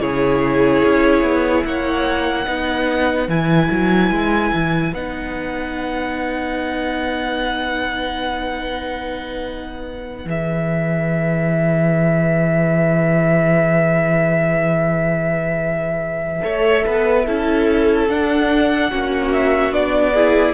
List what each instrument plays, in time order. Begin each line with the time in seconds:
0.00 cello C#3, viola E4, violin G#4 C#5
0.85 cello C#4
1.23 cello B3
1.64 cello A#3, violin C#5 F#5
2.45 cello B3, viola D#4, violin B4
3.28 cello E3, viola E4, violin G#5
3.71 cello F#3
4.10 cello G#3
4.54 cello E3
4.93 cello B3, viola D#4, violin F#5
10.25 cello E3, viola G#4, violin E5
16.42 cello A3, viola A4, violin C#5
16.86 cello B3, violin B4
17.26 cello C#4, viola E4, violin A4
18.08 cello D4, viola D4, violin F#5
18.89 cello A#3, viola C#4, violin F#4
19.32 violin E5
19.71 cello B3, viola D4, violin D5
20.13 viola E4, violin G#4